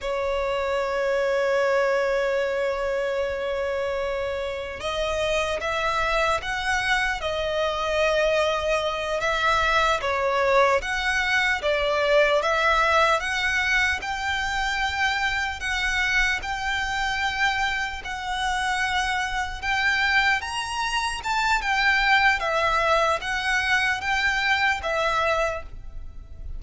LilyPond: \new Staff \with { instrumentName = "violin" } { \time 4/4 \tempo 4 = 75 cis''1~ | cis''2 dis''4 e''4 | fis''4 dis''2~ dis''8 e''8~ | e''8 cis''4 fis''4 d''4 e''8~ |
e''8 fis''4 g''2 fis''8~ | fis''8 g''2 fis''4.~ | fis''8 g''4 ais''4 a''8 g''4 | e''4 fis''4 g''4 e''4 | }